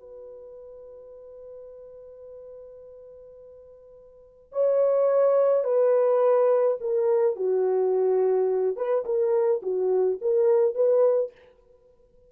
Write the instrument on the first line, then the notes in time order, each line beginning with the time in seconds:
horn
0.00 B4
4.53 C#5
5.64 B4
6.81 A#4
7.36 F#4
8.77 B4
9.05 A#4
9.63 F#4
10.22 A#4
10.75 B4